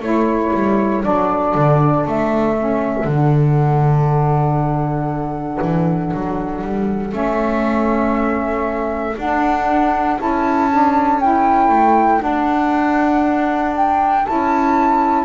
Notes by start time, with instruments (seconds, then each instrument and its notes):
0.00 double bass A3, saxophone E4, flute A4 C#5
0.53 double bass G3
1.02 double bass F#3, saxophone D4, flute D5
1.55 double bass D3
2.06 double bass A3, flute E5
2.58 saxophone C#4
3.04 double bass D3, saxophone D4, flute F#5
5.62 double bass E3
6.13 double bass F#3
6.61 double bass G3
7.10 double bass A3, saxophone C#4, flute E5
9.17 double bass D4, saxophone D4, flute F#5
10.19 double bass C#4, saxophone E4, flute A5
10.70 saxophone D4
11.20 saxophone E4, flute G5
11.69 double bass A3
12.19 saxophone D4, double bass D4, flute F#5
13.75 flute G5
14.25 double bass C#4, saxophone E4, flute A5